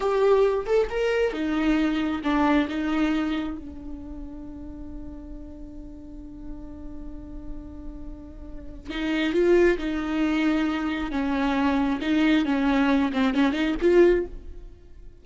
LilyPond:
\new Staff \with { instrumentName = "viola" } { \time 4/4 \tempo 4 = 135 g'4. a'8 ais'4 dis'4~ | dis'4 d'4 dis'2 | d'1~ | d'1~ |
d'1 | dis'4 f'4 dis'2~ | dis'4 cis'2 dis'4 | cis'4. c'8 cis'8 dis'8 f'4 | }